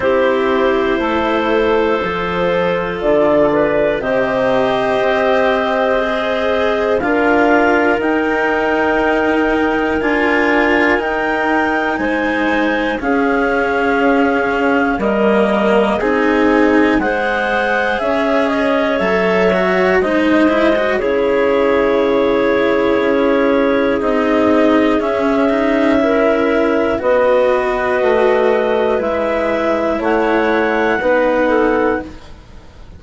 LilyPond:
<<
  \new Staff \with { instrumentName = "clarinet" } { \time 4/4 \tempo 4 = 60 c''2. d''4 | dis''2. f''4 | g''2 gis''4 g''4 | gis''4 f''2 dis''4 |
gis''4 fis''4 e''8 dis''8 e''4 | dis''4 cis''2. | dis''4 e''2 dis''4~ | dis''4 e''4 fis''2 | }
  \new Staff \with { instrumentName = "clarinet" } { \time 4/4 g'4 a'2~ a'8 b'8 | c''2. ais'4~ | ais'1 | c''4 gis'2 ais'4 |
gis'4 c''4 cis''2 | c''4 gis'2.~ | gis'2 ais'4 b'4~ | b'2 cis''4 b'8 a'8 | }
  \new Staff \with { instrumentName = "cello" } { \time 4/4 e'2 f'2 | g'2 gis'4 f'4 | dis'2 f'4 dis'4~ | dis'4 cis'2 ais4 |
dis'4 gis'2 a'8 fis'8 | dis'8 e'16 fis'16 e'2. | dis'4 cis'8 dis'8 e'4 fis'4~ | fis'4 e'2 dis'4 | }
  \new Staff \with { instrumentName = "bassoon" } { \time 4/4 c'4 a4 f4 d4 | c4 c'2 d'4 | dis'2 d'4 dis'4 | gis4 cis'2 g4 |
c'4 gis4 cis'4 fis4 | gis4 cis2 cis'4 | c'4 cis'2 b4 | a4 gis4 a4 b4 | }
>>